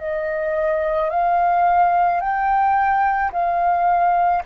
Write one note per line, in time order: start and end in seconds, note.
0.00 1.10 D#5
1.10 2.21 F5
2.21 3.32 G5
3.33 4.44 F5